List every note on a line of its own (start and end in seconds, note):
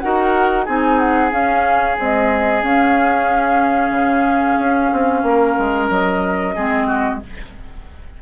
0.00 0.68 D#4
0.00 0.66 F#4
0.00 0.65 A#4
0.00 0.65 F#5
0.65 1.32 C4
0.65 1.31 D#4
0.65 5.21 G#4
0.65 0.99 G#5
0.99 1.31 F#5
1.31 1.96 C#4
1.31 1.97 C#4
1.31 1.97 F5
1.97 2.62 G#3
1.97 2.62 C4
1.97 2.64 D#5
2.62 3.90 C#4
2.62 6.54 C#4
2.62 5.89 F5
3.90 4.56 C#3
4.58 4.91 C#4
4.92 5.23 C4
5.23 5.55 A#3
5.23 6.55 A#4
5.58 5.90 G#3
5.89 6.55 F#3
5.89 7.19 D#5
6.55 7.22 G#3
6.55 7.21 C4
6.55 6.87 G#4
6.87 7.19 F#4